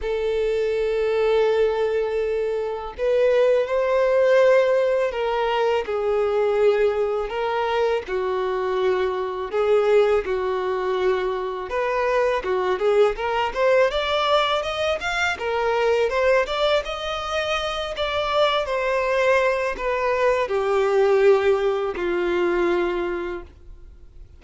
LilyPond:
\new Staff \with { instrumentName = "violin" } { \time 4/4 \tempo 4 = 82 a'1 | b'4 c''2 ais'4 | gis'2 ais'4 fis'4~ | fis'4 gis'4 fis'2 |
b'4 fis'8 gis'8 ais'8 c''8 d''4 | dis''8 f''8 ais'4 c''8 d''8 dis''4~ | dis''8 d''4 c''4. b'4 | g'2 f'2 | }